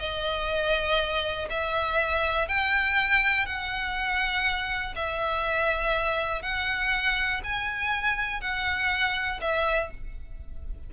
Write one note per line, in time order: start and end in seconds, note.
0.00 1.49 D#5
1.50 2.48 E5
2.48 3.46 G5
3.46 4.95 F#5
4.96 6.43 E5
6.43 7.42 F#5
7.44 8.41 G#5
8.41 9.41 F#5
9.41 9.91 E5